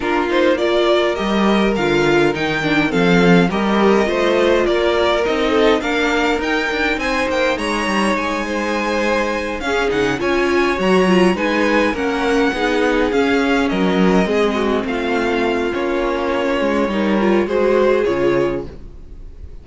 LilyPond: <<
  \new Staff \with { instrumentName = "violin" } { \time 4/4 \tempo 4 = 103 ais'8 c''8 d''4 dis''4 f''4 | g''4 f''4 dis''2 | d''4 dis''4 f''4 g''4 | gis''8 g''8 ais''4 gis''2~ |
gis''8 f''8 fis''8 gis''4 ais''4 gis''8~ | gis''8 fis''2 f''4 dis''8~ | dis''4. f''4. cis''4~ | cis''2 c''4 cis''4 | }
  \new Staff \with { instrumentName = "violin" } { \time 4/4 f'4 ais'2.~ | ais'4 a'4 ais'4 c''4 | ais'4. a'8 ais'2 | c''4 cis''4. c''4.~ |
c''8 gis'4 cis''2 b'8~ | b'8 ais'4 gis'2 ais'8~ | ais'8 gis'8 fis'8 f'2~ f'8~ | f'4 ais'4 gis'2 | }
  \new Staff \with { instrumentName = "viola" } { \time 4/4 d'8 dis'8 f'4 g'4 f'4 | dis'8 d'8 c'4 g'4 f'4~ | f'4 dis'4 d'4 dis'4~ | dis'1~ |
dis'8 cis'8 dis'8 f'4 fis'8 f'8 dis'8~ | dis'8 cis'4 dis'4 cis'4.~ | cis'8 c'2~ c'8 cis'4~ | cis'4 dis'8 f'8 fis'4 f'4 | }
  \new Staff \with { instrumentName = "cello" } { \time 4/4 ais2 g4 d4 | dis4 f4 g4 a4 | ais4 c'4 ais4 dis'8 d'8 | c'8 ais8 gis8 g8 gis2~ |
gis8 cis'8 cis8 cis'4 fis4 gis8~ | gis8 ais4 b4 cis'4 fis8~ | fis8 gis4 a4. ais4~ | ais8 gis8 g4 gis4 cis4 | }
>>